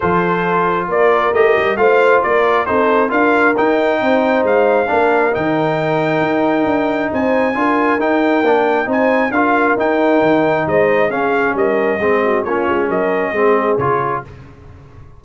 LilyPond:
<<
  \new Staff \with { instrumentName = "trumpet" } { \time 4/4 \tempo 4 = 135 c''2 d''4 dis''4 | f''4 d''4 c''4 f''4 | g''2 f''2 | g''1 |
gis''2 g''2 | gis''4 f''4 g''2 | dis''4 f''4 dis''2 | cis''4 dis''2 cis''4 | }
  \new Staff \with { instrumentName = "horn" } { \time 4/4 a'2 ais'2 | c''4 ais'4 a'4 ais'4~ | ais'4 c''2 ais'4~ | ais'1 |
c''4 ais'2. | c''4 ais'2. | c''4 gis'4 ais'4 gis'8 fis'8 | f'4 ais'4 gis'2 | }
  \new Staff \with { instrumentName = "trombone" } { \time 4/4 f'2. g'4 | f'2 dis'4 f'4 | dis'2. d'4 | dis'1~ |
dis'4 f'4 dis'4 d'4 | dis'4 f'4 dis'2~ | dis'4 cis'2 c'4 | cis'2 c'4 f'4 | }
  \new Staff \with { instrumentName = "tuba" } { \time 4/4 f2 ais4 a8 g8 | a4 ais4 c'4 d'4 | dis'4 c'4 gis4 ais4 | dis2 dis'4 d'4 |
c'4 d'4 dis'4 ais4 | c'4 d'4 dis'4 dis4 | gis4 cis'4 g4 gis4 | ais8 gis8 fis4 gis4 cis4 | }
>>